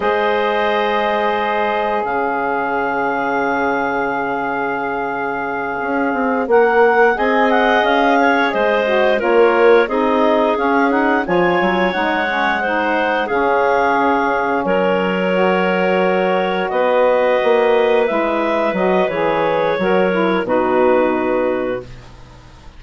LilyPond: <<
  \new Staff \with { instrumentName = "clarinet" } { \time 4/4 \tempo 4 = 88 dis''2. f''4~ | f''1~ | f''4. fis''4 gis''8 fis''8 f''8~ | f''8 dis''4 cis''4 dis''4 f''8 |
fis''8 gis''4 fis''2 f''8~ | f''4. cis''2~ cis''8~ | cis''8 dis''2 e''4 dis''8 | cis''2 b'2 | }
  \new Staff \with { instrumentName = "clarinet" } { \time 4/4 c''2. cis''4~ | cis''1~ | cis''2~ cis''8 dis''4. | cis''8 c''4 ais'4 gis'4.~ |
gis'8 cis''2 c''4 gis'8~ | gis'4. ais'2~ ais'8~ | ais'8 b'2.~ b'8~ | b'4 ais'4 fis'2 | }
  \new Staff \with { instrumentName = "saxophone" } { \time 4/4 gis'1~ | gis'1~ | gis'4. ais'4 gis'4.~ | gis'4 fis'8 f'4 dis'4 cis'8 |
dis'8 f'4 dis'8 cis'8 dis'4 cis'8~ | cis'2~ cis'8 fis'4.~ | fis'2~ fis'8 e'4 fis'8 | gis'4 fis'8 e'8 dis'2 | }
  \new Staff \with { instrumentName = "bassoon" } { \time 4/4 gis2. cis4~ | cis1~ | cis8 cis'8 c'8 ais4 c'4 cis'8~ | cis'8 gis4 ais4 c'4 cis'8~ |
cis'8 f8 fis8 gis2 cis8~ | cis4. fis2~ fis8~ | fis8 b4 ais4 gis4 fis8 | e4 fis4 b,2 | }
>>